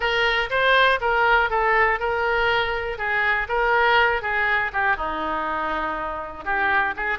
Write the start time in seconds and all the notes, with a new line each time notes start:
0.00 A#4
0.50 C5
1.00 A#4
1.50 A4
1.99 A#4
2.98 G#4
3.48 A#4
4.22 G#4
4.72 G4
4.96 D#4
6.44 G4
6.96 G#4